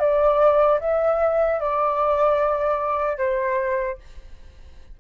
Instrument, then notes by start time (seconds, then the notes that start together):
flute
0.00 D5
0.80 E5
1.60 D5
3.18 C5